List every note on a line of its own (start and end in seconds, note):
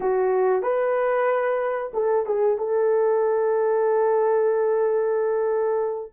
0.00 0.62 F#4
0.62 1.91 B4
1.93 2.26 A4
2.26 2.58 G#4
2.58 6.12 A4